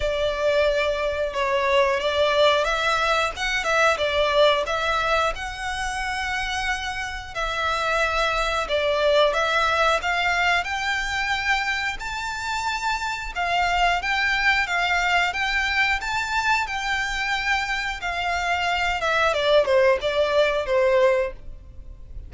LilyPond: \new Staff \with { instrumentName = "violin" } { \time 4/4 \tempo 4 = 90 d''2 cis''4 d''4 | e''4 fis''8 e''8 d''4 e''4 | fis''2. e''4~ | e''4 d''4 e''4 f''4 |
g''2 a''2 | f''4 g''4 f''4 g''4 | a''4 g''2 f''4~ | f''8 e''8 d''8 c''8 d''4 c''4 | }